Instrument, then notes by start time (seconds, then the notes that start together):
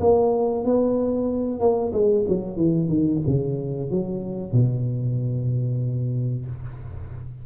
tuba
0.00 A#3
0.65 B3
1.60 A#3
1.93 G#3
2.28 F#3
2.56 E3
2.88 D#3
3.26 C#3
3.90 F#3
4.52 B2